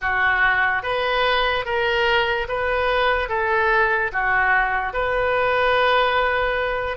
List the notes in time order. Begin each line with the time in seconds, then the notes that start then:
0.01 F#4
0.83 B4
1.65 A#4
2.48 B4
3.28 A4
4.12 F#4
4.93 B4